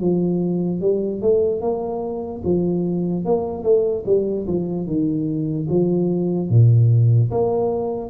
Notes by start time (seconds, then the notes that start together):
0.00 F3
0.81 G3
1.21 A3
1.61 A#3
2.44 F3
3.25 A#3
3.63 A3
4.06 G3
4.47 F3
4.86 D#3
5.69 F3
6.49 A#2
7.31 A#3